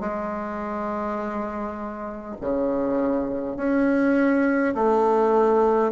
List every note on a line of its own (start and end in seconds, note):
0.00 2.35 G#3
2.41 3.56 C#3
3.56 4.74 C#4
4.74 5.92 A3